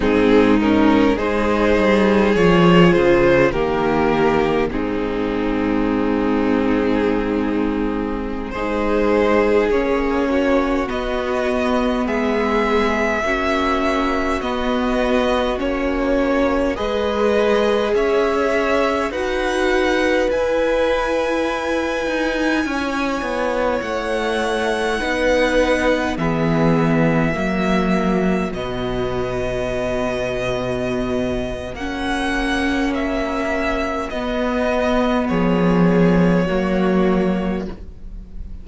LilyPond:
<<
  \new Staff \with { instrumentName = "violin" } { \time 4/4 \tempo 4 = 51 gis'8 ais'8 c''4 cis''8 c''8 ais'4 | gis'2.~ gis'16 c''8.~ | c''16 cis''4 dis''4 e''4.~ e''16~ | e''16 dis''4 cis''4 dis''4 e''8.~ |
e''16 fis''4 gis''2~ gis''8.~ | gis''16 fis''2 e''4.~ e''16~ | e''16 dis''2~ dis''8. fis''4 | e''4 dis''4 cis''2 | }
  \new Staff \with { instrumentName = "violin" } { \time 4/4 dis'4 gis'2 g'4 | dis'2.~ dis'16 gis'8.~ | gis'8. fis'4. gis'4 fis'8.~ | fis'2~ fis'16 b'4 cis''8.~ |
cis''16 b'2. cis''8.~ | cis''4~ cis''16 b'4 gis'4 fis'8.~ | fis'1~ | fis'2 gis'4 fis'4 | }
  \new Staff \with { instrumentName = "viola" } { \time 4/4 c'8 cis'8 dis'4 f'4 ais4 | c'2.~ c'16 dis'8.~ | dis'16 cis'4 b2 cis'8.~ | cis'16 b4 cis'4 gis'4.~ gis'16~ |
gis'16 fis'4 e'2~ e'8.~ | e'4~ e'16 dis'4 b4 ais8.~ | ais16 b2~ b8. cis'4~ | cis'4 b2 ais4 | }
  \new Staff \with { instrumentName = "cello" } { \time 4/4 gis,4 gis8 g8 f8 cis8 dis4 | gis,2.~ gis,16 gis8.~ | gis16 ais4 b4 gis4 ais8.~ | ais16 b4 ais4 gis4 cis'8.~ |
cis'16 dis'4 e'4. dis'8 cis'8 b16~ | b16 a4 b4 e4 fis8.~ | fis16 b,2~ b,8. ais4~ | ais4 b4 f4 fis4 | }
>>